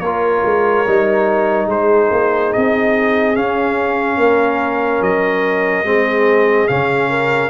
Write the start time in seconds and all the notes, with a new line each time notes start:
0.00 A#3 F4 A#4 C#5
0.45 G#3
0.86 G3 D#4
1.66 G#3 G#4 C5
2.10 A#3
2.53 C4 D#5
3.35 C#4 F5
4.17 A#3 A#4
5.01 F#3 D#5
5.84 G#3 C4 G#4
6.68 C#3 C#4 F5
7.10 A#4